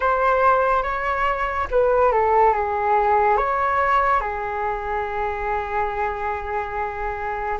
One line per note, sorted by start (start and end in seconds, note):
0.00 0.83 C5
0.83 1.67 C#5
1.70 2.12 B4
2.12 2.54 A4
2.54 3.37 G#4
3.37 4.20 C#5
4.20 7.58 G#4